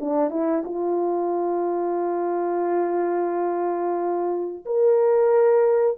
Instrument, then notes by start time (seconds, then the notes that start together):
horn
0.00 D4
0.30 E4
0.65 F4
4.66 A#4